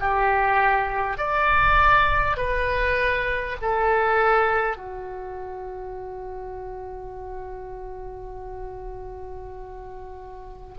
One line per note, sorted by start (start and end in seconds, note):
0.00 1.18 G4
1.18 2.37 D5
2.37 3.57 B4
3.62 4.77 A4
4.77 10.77 F#4